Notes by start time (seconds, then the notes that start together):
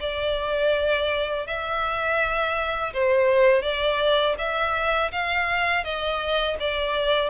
0.00 D5
1.47 E5
2.93 C5
3.62 D5
4.38 E5
5.12 F5
5.84 D#5
6.60 D5